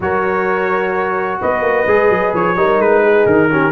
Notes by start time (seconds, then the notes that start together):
0.00 F#3 F#4 A#4 C#5
1.40 B3 B4 D#5
1.61 A#3
1.87 G#3 G#4
2.09 F#3
2.34 F3 C#5
2.56 G3 D#4 A#4
2.78 G#3 B4
3.02 G#4
3.25 D#3 A#4
3.50 C#4 G4